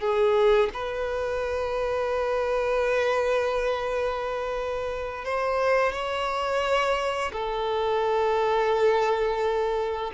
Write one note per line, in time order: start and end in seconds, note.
0.00 0.70 G#4
0.74 5.25 B4
5.25 5.92 C5
5.92 7.32 C#5
7.33 10.12 A4